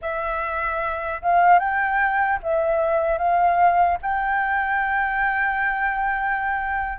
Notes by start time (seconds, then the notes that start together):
0.01 E5
1.21 F5
1.59 G5
2.43 E5
3.17 F5
4.01 G5